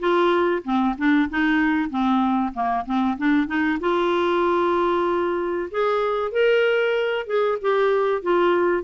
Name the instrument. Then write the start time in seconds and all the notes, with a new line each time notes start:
clarinet
0.00 F4
0.65 C4
0.98 D4
1.30 D#4
1.90 C4
2.54 A#3
2.86 C4
3.18 D4
3.48 D#4
3.81 F4
5.71 G#4
6.32 A#4
7.27 G#4
7.62 G4
8.22 F4